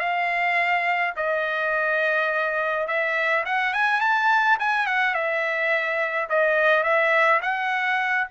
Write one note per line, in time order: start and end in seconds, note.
0.00 1.14 F5
1.16 2.88 D#5
2.88 3.45 E5
3.45 3.74 F#5
3.74 4.01 G#5
4.01 4.58 A5
4.59 4.87 G#5
4.87 5.15 F#5
5.15 6.29 E5
6.30 6.84 D#5
6.84 7.41 E5
7.42 8.28 F#5